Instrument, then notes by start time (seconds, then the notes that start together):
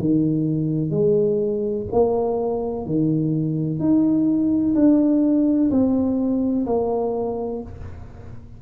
tuba
0.00 D#3
0.91 G#3
1.92 A#3
2.86 D#3
3.80 D#4
4.75 D4
5.71 C4
6.66 A#3